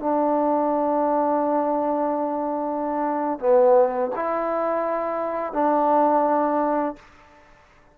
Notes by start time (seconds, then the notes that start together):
0.00 D4
3.39 B3
4.15 E4
5.53 D4